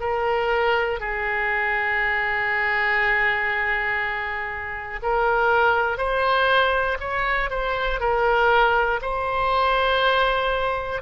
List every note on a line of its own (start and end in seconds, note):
0.00 1.00 A#4
1.00 5.00 G#4
5.02 5.97 A#4
5.97 6.97 C5
7.00 7.50 C#5
7.50 8.00 C5
8.00 9.00 A#4
9.01 11.01 C5